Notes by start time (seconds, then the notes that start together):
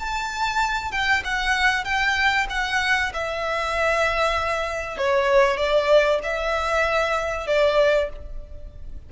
0.00 A5
0.92 G5
1.25 F#5
1.85 G5
2.50 F#5
3.14 E5
4.98 C#5
5.58 D5
6.23 E5
7.47 D5